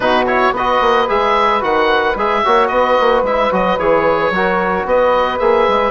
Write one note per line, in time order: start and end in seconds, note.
0.00 0.51 B2
0.00 0.26 D#4
0.00 0.53 F#4
0.00 0.24 B4
0.27 0.54 E4
0.27 0.54 C#5
0.51 0.78 B3
0.51 2.42 B4
0.51 1.09 D#5
0.58 1.07 F#4
0.80 1.07 A#3
1.07 1.62 G#3
1.07 1.60 G#4
1.07 1.63 E5
1.60 2.15 D#3
1.60 2.14 F#4
1.60 2.17 F#5
2.15 2.42 G#3
2.15 2.44 G#4
2.15 2.67 E5
2.43 2.70 A#3
2.43 3.26 F#4
2.43 2.70 C#5
2.67 2.97 B3
2.67 4.33 B4
2.67 3.21 D#5
2.99 3.22 A#3
3.22 3.49 G#3
3.22 3.51 E4
3.22 3.53 E5
3.51 3.78 F#3
3.51 3.78 F#4
3.51 3.78 D#5
3.78 4.30 E3
3.78 4.33 G#4
3.78 4.87 C#5
4.30 4.84 F#3
4.30 5.40 F#4
4.30 4.87 A#4
4.85 5.39 B3
4.85 5.90 B4
4.85 5.38 D#5
5.38 5.67 A#3
5.38 5.90 G#4
5.38 5.90 E5
5.67 5.90 G#3